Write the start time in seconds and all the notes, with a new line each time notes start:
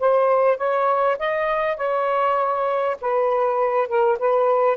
0.00 C5
0.58 C#5
1.19 D#5
1.77 C#5
3.01 B4
3.88 A#4
4.19 B4